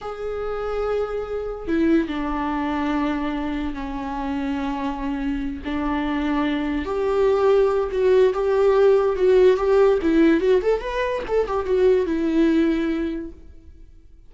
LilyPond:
\new Staff \with { instrumentName = "viola" } { \time 4/4 \tempo 4 = 144 gis'1 | e'4 d'2.~ | d'4 cis'2.~ | cis'4. d'2~ d'8~ |
d'8 g'2~ g'8 fis'4 | g'2 fis'4 g'4 | e'4 fis'8 a'8 b'4 a'8 g'8 | fis'4 e'2. | }